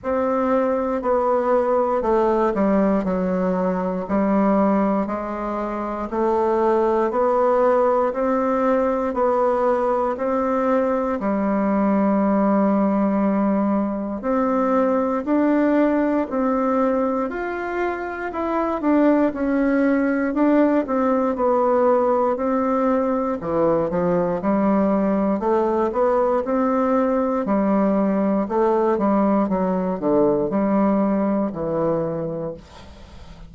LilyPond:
\new Staff \with { instrumentName = "bassoon" } { \time 4/4 \tempo 4 = 59 c'4 b4 a8 g8 fis4 | g4 gis4 a4 b4 | c'4 b4 c'4 g4~ | g2 c'4 d'4 |
c'4 f'4 e'8 d'8 cis'4 | d'8 c'8 b4 c'4 e8 f8 | g4 a8 b8 c'4 g4 | a8 g8 fis8 d8 g4 e4 | }